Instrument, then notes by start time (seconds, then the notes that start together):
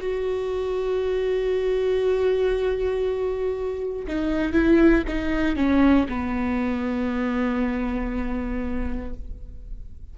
viola
0.00 F#4
4.08 D#4
4.53 E4
5.08 D#4
5.57 C#4
6.09 B3